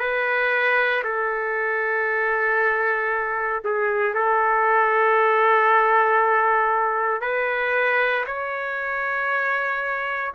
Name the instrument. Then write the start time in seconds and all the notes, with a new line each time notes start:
trumpet
0.00 B4
1.04 A4
3.64 G#4
4.15 A4
7.22 B4
8.27 C#5